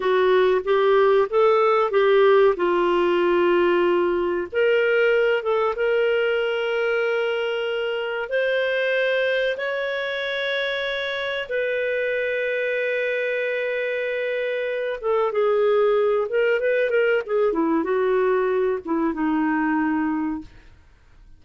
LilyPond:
\new Staff \with { instrumentName = "clarinet" } { \time 4/4 \tempo 4 = 94 fis'4 g'4 a'4 g'4 | f'2. ais'4~ | ais'8 a'8 ais'2.~ | ais'4 c''2 cis''4~ |
cis''2 b'2~ | b'2.~ b'8 a'8 | gis'4. ais'8 b'8 ais'8 gis'8 e'8 | fis'4. e'8 dis'2 | }